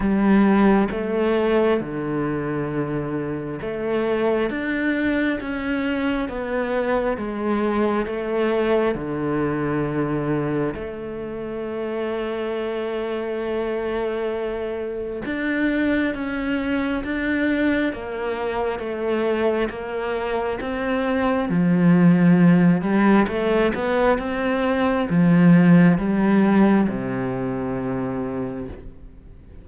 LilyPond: \new Staff \with { instrumentName = "cello" } { \time 4/4 \tempo 4 = 67 g4 a4 d2 | a4 d'4 cis'4 b4 | gis4 a4 d2 | a1~ |
a4 d'4 cis'4 d'4 | ais4 a4 ais4 c'4 | f4. g8 a8 b8 c'4 | f4 g4 c2 | }